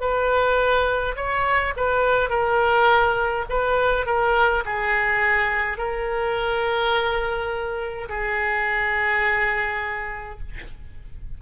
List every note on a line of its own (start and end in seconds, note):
0.00 1.15 B4
1.16 1.74 C#5
1.76 2.30 B4
2.30 3.45 A#4
3.49 4.06 B4
4.06 4.64 A#4
4.65 5.77 G#4
5.77 8.08 A#4
8.09 10.40 G#4